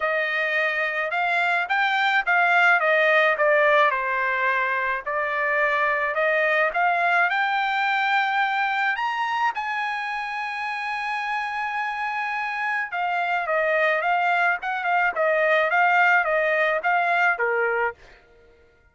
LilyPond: \new Staff \with { instrumentName = "trumpet" } { \time 4/4 \tempo 4 = 107 dis''2 f''4 g''4 | f''4 dis''4 d''4 c''4~ | c''4 d''2 dis''4 | f''4 g''2. |
ais''4 gis''2.~ | gis''2. f''4 | dis''4 f''4 fis''8 f''8 dis''4 | f''4 dis''4 f''4 ais'4 | }